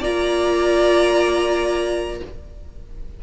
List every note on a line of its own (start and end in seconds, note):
0.00 2.20 A#3
0.00 2.21 F4
0.00 2.20 D5
0.00 2.23 A#5